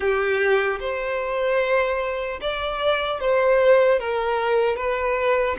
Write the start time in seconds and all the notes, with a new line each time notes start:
0.00 G4
0.80 C5
2.41 D5
3.20 C5
3.99 A#4
4.76 B4